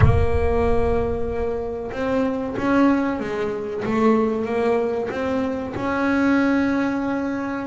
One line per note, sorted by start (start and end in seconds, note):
0.00 1.91 A#3
1.91 2.55 C4
2.57 3.19 C#4
3.19 3.83 G#3
3.84 4.45 A3
4.45 5.09 A#3
5.10 5.74 C4
5.75 7.67 C#4